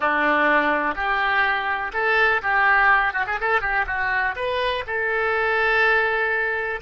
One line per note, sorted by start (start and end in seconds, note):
0.00 0.95 D4
0.95 1.92 G4
1.93 2.41 A4
2.41 3.13 G4
3.13 3.25 F#4
3.27 3.39 G#4
3.40 3.61 A4
3.61 3.85 G4
3.86 4.35 F#4
4.35 4.84 B4
4.86 6.80 A4